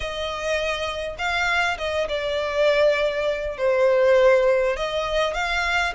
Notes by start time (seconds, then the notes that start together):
0.00 D#5
1.18 F5
1.78 D#5
2.08 D5
3.57 C5
4.76 D#5
5.34 F5